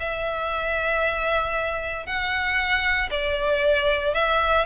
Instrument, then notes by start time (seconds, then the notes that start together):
violin
0.00 E5
2.06 F#5
3.11 D5
4.14 E5